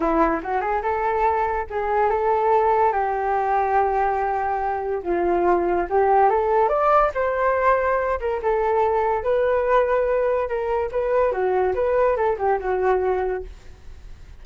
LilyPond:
\new Staff \with { instrumentName = "flute" } { \time 4/4 \tempo 4 = 143 e'4 fis'8 gis'8 a'2 | gis'4 a'2 g'4~ | g'1 | f'2 g'4 a'4 |
d''4 c''2~ c''8 ais'8 | a'2 b'2~ | b'4 ais'4 b'4 fis'4 | b'4 a'8 g'8 fis'2 | }